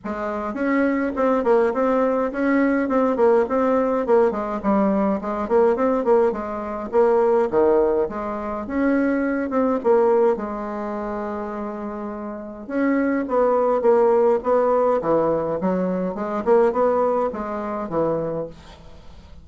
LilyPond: \new Staff \with { instrumentName = "bassoon" } { \time 4/4 \tempo 4 = 104 gis4 cis'4 c'8 ais8 c'4 | cis'4 c'8 ais8 c'4 ais8 gis8 | g4 gis8 ais8 c'8 ais8 gis4 | ais4 dis4 gis4 cis'4~ |
cis'8 c'8 ais4 gis2~ | gis2 cis'4 b4 | ais4 b4 e4 fis4 | gis8 ais8 b4 gis4 e4 | }